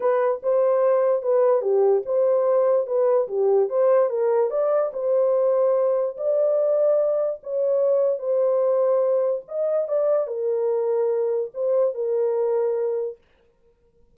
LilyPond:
\new Staff \with { instrumentName = "horn" } { \time 4/4 \tempo 4 = 146 b'4 c''2 b'4 | g'4 c''2 b'4 | g'4 c''4 ais'4 d''4 | c''2. d''4~ |
d''2 cis''2 | c''2. dis''4 | d''4 ais'2. | c''4 ais'2. | }